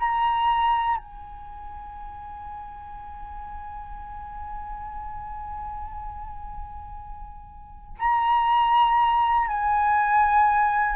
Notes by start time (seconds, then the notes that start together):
0.00 A#5
0.97 G#5
7.99 A#5
9.48 G#5